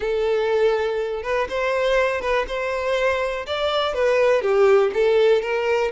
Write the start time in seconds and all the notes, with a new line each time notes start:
0.00 A4
1.23 B4
1.49 C5
2.21 B4
2.47 C5
3.46 D5
3.93 B4
4.42 G4
4.93 A4
5.42 A#4